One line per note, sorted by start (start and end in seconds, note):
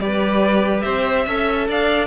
0.00 0.84 G3
0.00 1.26 G4
0.00 0.84 B4
0.00 0.81 D5
0.81 1.26 C4
0.81 1.26 C5
0.81 1.65 E5
1.26 1.68 C#4
1.26 2.07 A4
1.26 1.68 E5
1.68 2.07 D4
1.68 2.07 D5
1.68 2.07 F5